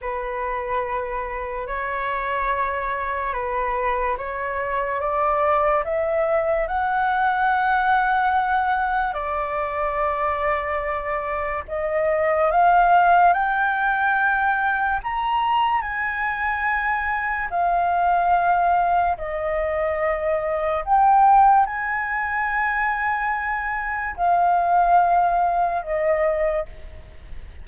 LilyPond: \new Staff \with { instrumentName = "flute" } { \time 4/4 \tempo 4 = 72 b'2 cis''2 | b'4 cis''4 d''4 e''4 | fis''2. d''4~ | d''2 dis''4 f''4 |
g''2 ais''4 gis''4~ | gis''4 f''2 dis''4~ | dis''4 g''4 gis''2~ | gis''4 f''2 dis''4 | }